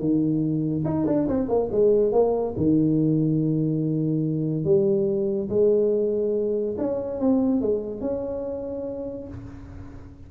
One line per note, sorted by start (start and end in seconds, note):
0.00 0.85 D#3
0.85 1.06 D#4
1.07 1.28 D4
1.28 1.49 C4
1.49 1.70 A#3
1.72 2.12 G#3
2.12 2.55 A#3
2.57 4.65 D#3
4.65 5.49 G3
5.50 6.76 G#3
6.79 7.20 C#4
7.20 7.62 C4
7.62 8.01 G#3
8.01 9.28 C#4